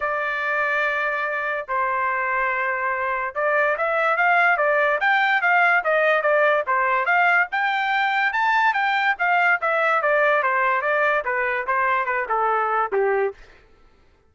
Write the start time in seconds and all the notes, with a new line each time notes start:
0.00 D5
1.68 C5
3.34 D5
3.77 E5
4.16 F5
4.57 D5
5.00 G5
5.41 F5
5.84 D#5
6.22 D5
6.67 C5
7.05 F5
7.51 G5
8.32 A5
8.73 G5
9.18 F5
9.61 E5
10.02 D5
10.42 C5
10.81 D5
11.24 B4
11.66 C5
12.05 B4
12.28 A4
12.92 G4